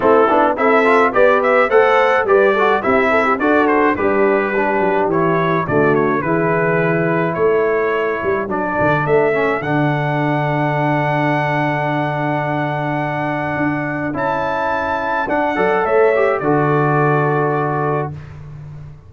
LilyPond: <<
  \new Staff \with { instrumentName = "trumpet" } { \time 4/4 \tempo 4 = 106 a'4 e''4 d''8 e''8 fis''4 | d''4 e''4 d''8 c''8 b'4~ | b'4 cis''4 d''8 cis''8 b'4~ | b'4 cis''2 d''4 |
e''4 fis''2.~ | fis''1~ | fis''4 a''2 fis''4 | e''4 d''2. | }
  \new Staff \with { instrumentName = "horn" } { \time 4/4 e'4 a'4 b'4 c''4 | b'8 a'8 g'8 a'16 g'16 a'4 d'4 | g'2 fis'4 gis'4~ | gis'4 a'2.~ |
a'1~ | a'1~ | a'2.~ a'8 d''8 | cis''4 a'2. | }
  \new Staff \with { instrumentName = "trombone" } { \time 4/4 c'8 d'8 e'8 f'8 g'4 a'4 | g'8 fis'8 e'4 fis'4 g'4 | d'4 e'4 a4 e'4~ | e'2. d'4~ |
d'8 cis'8 d'2.~ | d'1~ | d'4 e'2 d'8 a'8~ | a'8 g'8 fis'2. | }
  \new Staff \with { instrumentName = "tuba" } { \time 4/4 a8 b8 c'4 b4 a4 | g4 c'4 d'4 g4~ | g8 fis8 e4 d4 e4~ | e4 a4. g8 fis8 d8 |
a4 d2.~ | d1 | d'4 cis'2 d'8 fis8 | a4 d2. | }
>>